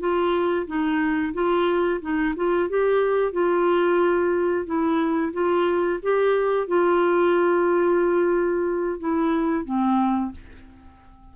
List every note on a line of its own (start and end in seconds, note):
0.00 0.67 F4
0.67 1.34 D#4
1.34 2.01 F4
2.01 2.35 D#4
2.36 2.69 F4
2.69 3.33 G4
3.33 4.66 F4
4.66 5.33 E4
5.33 6.00 F4
6.03 6.68 G4
6.68 9.00 F4
9.00 9.65 E4
9.65 10.32 C4